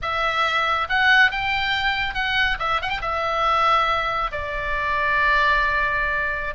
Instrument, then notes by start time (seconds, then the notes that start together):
oboe
0.01 E5
0.89 F#5
1.31 G5
2.14 F#5
2.59 E5
2.81 F#5
2.89 G5
3.01 E5
4.31 D5